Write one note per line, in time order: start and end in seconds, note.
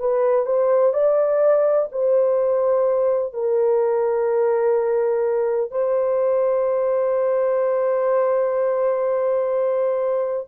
0.00 0.46 B4
0.46 0.94 C5
0.94 1.89 D5
1.92 3.34 C5
3.34 5.71 A#4
5.71 10.47 C5